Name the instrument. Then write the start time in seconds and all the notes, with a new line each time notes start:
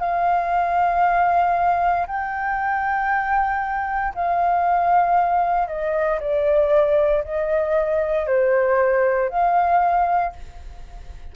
flute
0.00 F5
2.07 G5
4.15 F5
5.68 D#5
6.20 D5
7.25 D#5
8.27 C5
9.30 F5